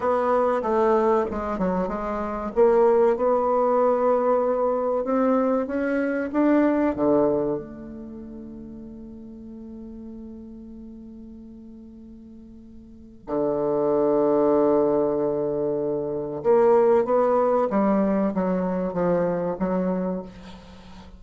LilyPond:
\new Staff \with { instrumentName = "bassoon" } { \time 4/4 \tempo 4 = 95 b4 a4 gis8 fis8 gis4 | ais4 b2. | c'4 cis'4 d'4 d4 | a1~ |
a1~ | a4 d2.~ | d2 ais4 b4 | g4 fis4 f4 fis4 | }